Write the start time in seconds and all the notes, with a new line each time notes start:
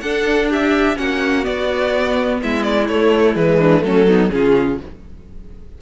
0.00 D4 A4 F#5
0.50 G4 E5
0.96 A#3 C#4 F#4 F#5
1.43 B3 D5
2.41 G#3 E4 E5
2.63 D5
2.88 A3 C#5
3.34 E3 G#3 B4
3.58 D4
3.80 F#3 A3 C#4 A4
4.07 B3 D#4
4.30 C#3 C#4 F4 G#4